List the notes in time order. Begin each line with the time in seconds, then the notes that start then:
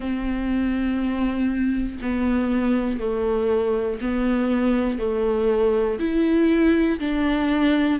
0.00 C4
2.01 B3
2.99 A3
4.00 B3
4.99 A3
5.99 E4
6.99 D4